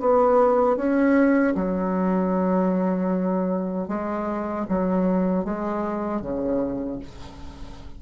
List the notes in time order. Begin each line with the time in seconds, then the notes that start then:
0.00 B3
0.76 C#4
1.55 F#3
3.88 G#3
4.68 F#3
5.44 G#3
6.21 C#3